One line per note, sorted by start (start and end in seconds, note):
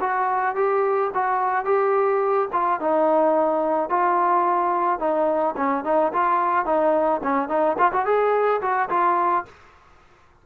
0.00 0.55 F#4
0.55 1.11 G4
1.14 1.65 F#4
1.65 2.48 G4
2.53 2.80 F4
2.80 3.90 D#4
3.90 4.99 F4
4.99 5.55 D#4
5.57 5.84 C#4
5.84 6.12 D#4
6.13 6.66 F4
6.66 7.21 D#4
7.23 7.49 C#4
7.49 7.77 D#4
7.78 7.92 F4
7.92 8.05 F#4
8.05 8.61 G#4
8.61 8.89 F#4
8.89 9.45 F4